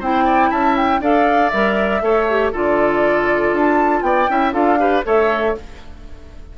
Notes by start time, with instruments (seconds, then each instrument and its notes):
0.00 bassoon C4, clarinet E4, oboe C5, flute G5
0.25 oboe D5
0.51 bassoon C#4, oboe E5, flute A5
0.77 flute G5
1.01 bassoon D4, clarinet A4, oboe D5, flute F5
1.50 bassoon G3, clarinet A#4, flute E5
2.02 bassoon A3, clarinet A4, oboe C#5
2.30 clarinet G4
2.53 bassoon D3, clarinet F4, oboe A4, flute D5
3.53 bassoon D4, flute A5
4.02 bassoon B3, oboe D5, flute G5
4.29 bassoon C#4, clarinet E4, oboe E5
4.53 bassoon D4, clarinet F4, oboe A4, flute F5
4.79 clarinet G4, oboe B4
5.05 bassoon A3, clarinet A4, oboe C#5, flute E5